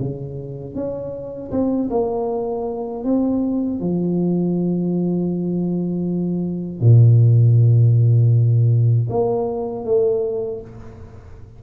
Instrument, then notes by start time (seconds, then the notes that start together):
tuba
0.00 C#3
0.76 C#4
1.52 C4
1.91 A#3
3.04 C4
3.80 F3
6.81 A#2
9.10 A#3
9.85 A3